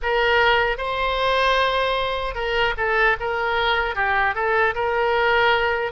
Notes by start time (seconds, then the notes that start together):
0.02 A#4
0.77 C5
2.34 A#4
2.77 A4
3.19 A#4
3.95 G4
4.34 A4
4.74 A#4